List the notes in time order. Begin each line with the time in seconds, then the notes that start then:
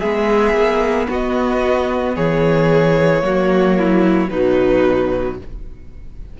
0.00 G#3 B3 G#4 E5
0.54 A#3
1.09 B3 F#4 D#5
2.15 E3 G#4 C#5
3.21 F#3 A#3 F#4
3.79 E4
4.30 B2 F#3 D#4 B4